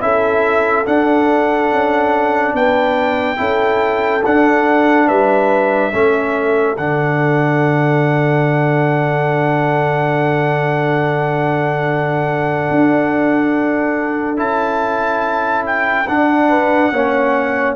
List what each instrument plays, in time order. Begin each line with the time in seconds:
0.00 tuba C#4, trombone E4, horn A4, trumpet E5
0.85 trombone D4, tuba D4, trumpet F#5
1.71 tuba C#4
2.53 tuba B3, horn B4, trumpet G5
3.36 tuba C#4, trombone E4, horn A4
4.24 tuba D4, trombone D4, trumpet F#5
5.07 tuba G3, horn B4, trumpet E5
5.91 tuba A3, trombone C#4, horn A4
6.77 tuba D3, trombone D4, trumpet F#5
12.70 tuba D4
14.37 tuba C#4, trombone E4, trumpet A5
15.66 trumpet G5
16.07 tuba D4, trombone D4, trumpet F#5
16.48 horn B4
16.91 tuba A#3, trombone C#4, horn C#5